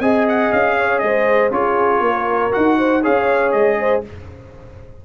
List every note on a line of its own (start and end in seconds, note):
0.00 0.50 C4
0.00 1.51 G#4
0.00 0.77 D#5
0.00 0.26 G#5
0.28 0.52 F#5
0.52 1.03 C#4
0.52 0.99 F5
0.78 1.03 C#5
0.99 1.50 G#3
0.99 1.55 C5
0.99 1.49 D#5
1.50 2.01 C#4
1.50 2.51 F4
1.50 2.05 G#4
1.50 2.53 C#5
2.01 2.51 A#3
2.01 2.78 A#4
2.51 3.06 D#4
2.51 3.02 F#4
2.51 3.03 F#5
2.78 3.03 C5
3.03 3.54 C#4
3.03 4.04 G#4
3.03 3.78 C#5
3.03 3.52 F5
3.52 4.04 G#3
3.52 4.02 D#5
3.80 4.05 C5